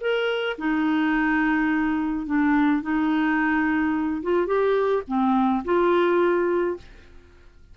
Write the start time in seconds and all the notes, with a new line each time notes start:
0.00 A#4
0.58 D#4
2.26 D4
2.82 D#4
4.22 F4
4.46 G4
5.07 C4
5.64 F4